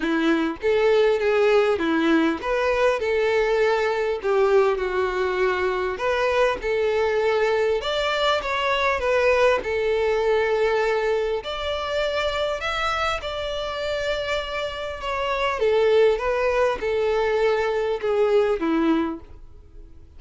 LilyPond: \new Staff \with { instrumentName = "violin" } { \time 4/4 \tempo 4 = 100 e'4 a'4 gis'4 e'4 | b'4 a'2 g'4 | fis'2 b'4 a'4~ | a'4 d''4 cis''4 b'4 |
a'2. d''4~ | d''4 e''4 d''2~ | d''4 cis''4 a'4 b'4 | a'2 gis'4 e'4 | }